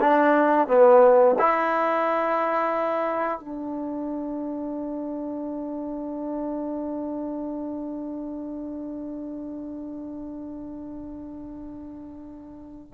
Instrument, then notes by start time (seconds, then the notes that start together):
trombone
0.00 D4
0.67 B3
1.39 E4
3.39 D4